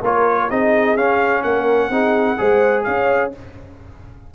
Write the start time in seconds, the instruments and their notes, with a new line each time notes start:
0.00 tuba A#3, trombone F4, horn A#4, trumpet C#5
0.48 tuba C4, trombone D#4, horn G#4, trumpet D#5
0.96 tuba C#4, trombone C#4, trumpet F5
1.43 tuba A#3, horn A#4, trumpet F#5
1.90 tuba C4, trombone D#4, horn G#4
2.37 tuba G#3, trombone G#4, horn C5
2.83 tuba C#4, horn C#5, trumpet F5